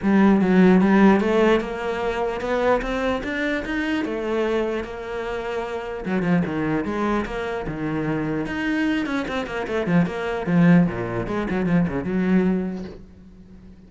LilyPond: \new Staff \with { instrumentName = "cello" } { \time 4/4 \tempo 4 = 149 g4 fis4 g4 a4 | ais2 b4 c'4 | d'4 dis'4 a2 | ais2. fis8 f8 |
dis4 gis4 ais4 dis4~ | dis4 dis'4. cis'8 c'8 ais8 | a8 f8 ais4 f4 ais,4 | gis8 fis8 f8 cis8 fis2 | }